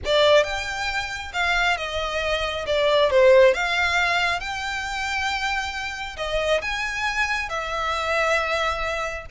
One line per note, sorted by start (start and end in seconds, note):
0.05 0.43 D5
0.43 1.31 G5
1.33 1.77 F5
1.77 2.65 D#5
2.66 3.10 D5
3.10 3.54 C5
3.54 4.40 F5
4.40 6.16 G5
6.16 6.61 D#5
6.61 7.49 G#5
7.49 9.25 E5